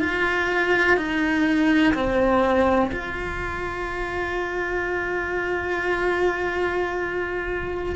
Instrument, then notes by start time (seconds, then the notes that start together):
cello
0.00 F4
0.97 D#4
1.94 C4
2.92 F4